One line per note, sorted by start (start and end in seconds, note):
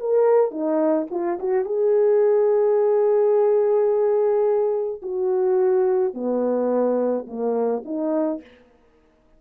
0.00 0.51 A#4
0.51 1.07 D#4
1.11 1.39 F4
1.40 1.65 F#4
1.65 5.02 G#4
5.03 6.14 F#4
6.14 7.26 B3
7.27 7.84 A#3
7.85 8.41 D#4